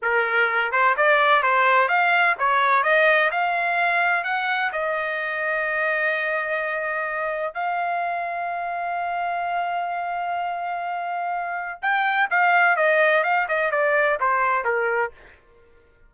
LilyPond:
\new Staff \with { instrumentName = "trumpet" } { \time 4/4 \tempo 4 = 127 ais'4. c''8 d''4 c''4 | f''4 cis''4 dis''4 f''4~ | f''4 fis''4 dis''2~ | dis''1 |
f''1~ | f''1~ | f''4 g''4 f''4 dis''4 | f''8 dis''8 d''4 c''4 ais'4 | }